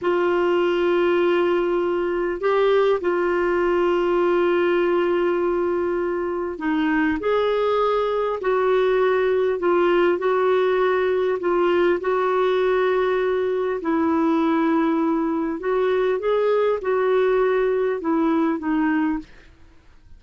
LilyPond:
\new Staff \with { instrumentName = "clarinet" } { \time 4/4 \tempo 4 = 100 f'1 | g'4 f'2.~ | f'2. dis'4 | gis'2 fis'2 |
f'4 fis'2 f'4 | fis'2. e'4~ | e'2 fis'4 gis'4 | fis'2 e'4 dis'4 | }